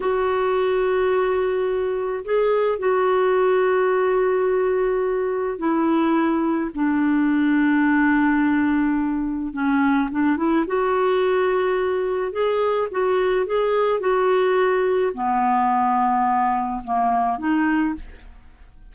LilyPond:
\new Staff \with { instrumentName = "clarinet" } { \time 4/4 \tempo 4 = 107 fis'1 | gis'4 fis'2.~ | fis'2 e'2 | d'1~ |
d'4 cis'4 d'8 e'8 fis'4~ | fis'2 gis'4 fis'4 | gis'4 fis'2 b4~ | b2 ais4 dis'4 | }